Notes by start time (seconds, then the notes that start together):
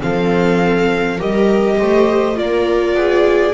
0.00 F3 C4 A4 F5
1.17 G3 G4 A#4 D#5
1.78 A3 C5
2.35 A#3 F4 A#4 D5
2.94 B3 G#4